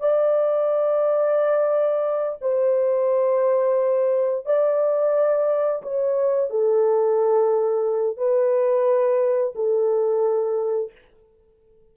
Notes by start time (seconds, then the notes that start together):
0.00 D5
2.42 C5
4.46 D5
5.83 C#5
6.50 A4
8.18 B4
9.55 A4